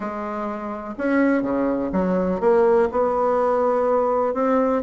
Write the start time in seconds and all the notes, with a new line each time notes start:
0.00 G#3
0.98 C#4
1.42 C#3
1.92 F#3
2.40 A#3
2.91 B3
4.34 C4